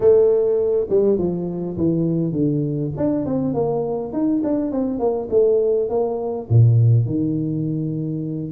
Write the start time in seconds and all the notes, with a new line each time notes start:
0.00 A3
0.89 G3
1.18 F3
1.77 E3
2.32 D3
2.96 D4
3.25 C4
3.53 A#3
4.12 D#4
4.43 D4
4.71 C4
4.99 A#3
5.30 A3
5.89 A#3
6.49 A#2
7.05 D#3